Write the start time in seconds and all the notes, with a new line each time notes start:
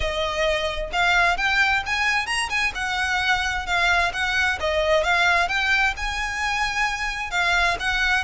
0.00 D#5
0.92 F5
1.37 G5
1.85 G#5
2.26 A#5
2.49 G#5
2.74 F#5
3.66 F5
4.13 F#5
4.59 D#5
5.03 F5
5.48 G5
5.96 G#5
7.31 F5
7.79 F#5